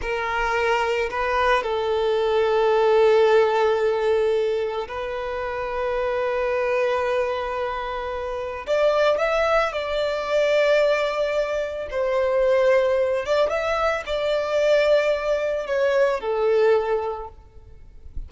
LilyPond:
\new Staff \with { instrumentName = "violin" } { \time 4/4 \tempo 4 = 111 ais'2 b'4 a'4~ | a'1~ | a'4 b'2.~ | b'1 |
d''4 e''4 d''2~ | d''2 c''2~ | c''8 d''8 e''4 d''2~ | d''4 cis''4 a'2 | }